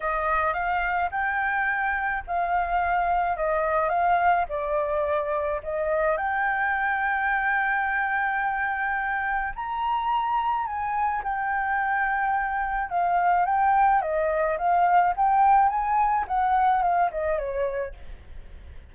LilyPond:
\new Staff \with { instrumentName = "flute" } { \time 4/4 \tempo 4 = 107 dis''4 f''4 g''2 | f''2 dis''4 f''4 | d''2 dis''4 g''4~ | g''1~ |
g''4 ais''2 gis''4 | g''2. f''4 | g''4 dis''4 f''4 g''4 | gis''4 fis''4 f''8 dis''8 cis''4 | }